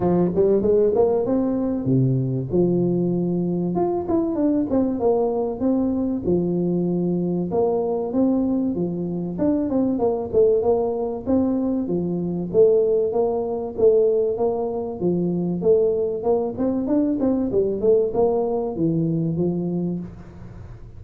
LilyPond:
\new Staff \with { instrumentName = "tuba" } { \time 4/4 \tempo 4 = 96 f8 g8 gis8 ais8 c'4 c4 | f2 f'8 e'8 d'8 c'8 | ais4 c'4 f2 | ais4 c'4 f4 d'8 c'8 |
ais8 a8 ais4 c'4 f4 | a4 ais4 a4 ais4 | f4 a4 ais8 c'8 d'8 c'8 | g8 a8 ais4 e4 f4 | }